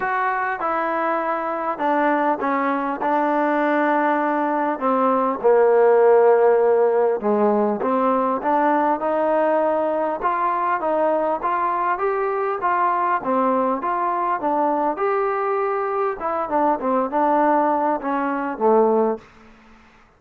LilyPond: \new Staff \with { instrumentName = "trombone" } { \time 4/4 \tempo 4 = 100 fis'4 e'2 d'4 | cis'4 d'2. | c'4 ais2. | gis4 c'4 d'4 dis'4~ |
dis'4 f'4 dis'4 f'4 | g'4 f'4 c'4 f'4 | d'4 g'2 e'8 d'8 | c'8 d'4. cis'4 a4 | }